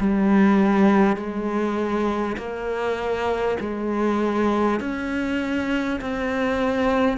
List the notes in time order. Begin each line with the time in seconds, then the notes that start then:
0.00 G3
1.17 G#3
2.38 A#3
3.61 G#3
4.81 C#4
6.01 C4